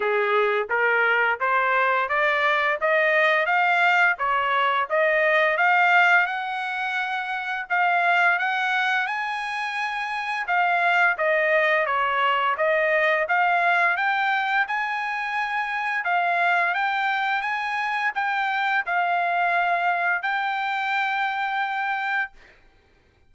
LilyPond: \new Staff \with { instrumentName = "trumpet" } { \time 4/4 \tempo 4 = 86 gis'4 ais'4 c''4 d''4 | dis''4 f''4 cis''4 dis''4 | f''4 fis''2 f''4 | fis''4 gis''2 f''4 |
dis''4 cis''4 dis''4 f''4 | g''4 gis''2 f''4 | g''4 gis''4 g''4 f''4~ | f''4 g''2. | }